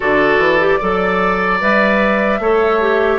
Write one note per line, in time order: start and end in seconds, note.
0.00 0.38 D3
0.00 0.59 F#4
0.00 0.79 A4
0.00 1.59 D5
0.38 0.78 E3
0.59 0.79 G4
0.79 1.61 F#3
0.79 1.60 A4
0.79 2.39 D5
1.60 2.39 G3
1.60 2.40 B4
1.60 3.19 E5
2.39 3.19 A3
2.39 2.80 A4
2.39 3.19 C#5
2.80 3.19 G4